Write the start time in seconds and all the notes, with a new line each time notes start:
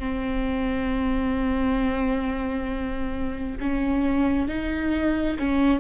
0.00 C4
3.61 C#4
4.49 D#4
5.39 C#4